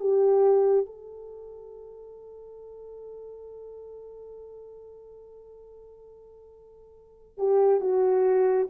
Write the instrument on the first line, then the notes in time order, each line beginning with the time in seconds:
horn
0.00 G4
0.86 A4
7.38 G4
7.81 F#4